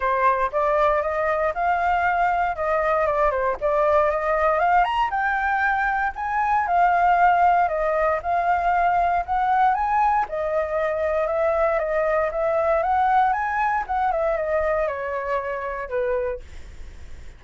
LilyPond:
\new Staff \with { instrumentName = "flute" } { \time 4/4 \tempo 4 = 117 c''4 d''4 dis''4 f''4~ | f''4 dis''4 d''8 c''8 d''4 | dis''4 f''8 ais''8 g''2 | gis''4 f''2 dis''4 |
f''2 fis''4 gis''4 | dis''2 e''4 dis''4 | e''4 fis''4 gis''4 fis''8 e''8 | dis''4 cis''2 b'4 | }